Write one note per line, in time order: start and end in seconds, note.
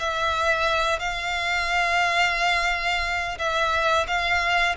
0.00 1.00 E5
1.00 3.38 F5
3.39 4.07 E5
4.08 4.76 F5